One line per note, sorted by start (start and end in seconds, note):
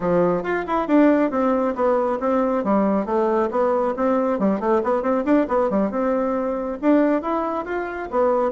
0.00 0.43 F3
0.43 0.64 F4
0.66 0.87 E4
0.87 1.30 D4
1.30 1.74 C4
1.75 2.18 B3
2.20 2.64 C4
2.64 3.05 G3
3.05 3.49 A3
3.50 3.94 B3
3.96 4.39 C4
4.39 4.60 G3
4.60 4.82 A3
4.83 5.02 B3
5.02 5.24 C4
5.25 5.46 D4
5.47 5.69 B3
5.69 5.90 G3
5.90 6.78 C4
6.81 7.21 D4
7.21 7.65 E4
7.65 8.09 F4
8.10 8.51 B3